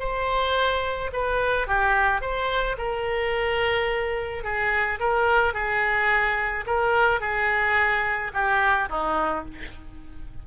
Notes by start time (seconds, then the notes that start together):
0.00 C5
1.13 B4
1.67 G4
2.21 C5
2.78 A#4
4.44 G#4
5.00 A#4
5.54 G#4
6.67 A#4
7.21 G#4
8.34 G4
8.89 D#4